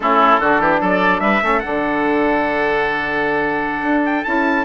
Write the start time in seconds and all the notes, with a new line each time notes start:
0.00 A3 C#4 E4 A4
0.39 D3 D4 F#4
0.59 E3 G4
0.80 F#3 A4 D5
1.20 G3 B4 E5
1.41 A3 C#4 A4
1.59 D4 F#5
1.66 D3
3.82 D4
4.05 G5
4.24 C#4 E4 A5